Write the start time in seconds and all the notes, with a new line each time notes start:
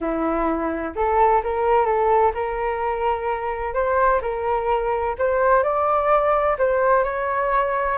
0.00 E4
0.95 A4
1.43 A#4
1.85 A4
2.34 A#4
3.74 C5
4.21 A#4
5.18 C5
5.63 D5
6.58 C5
7.04 C#5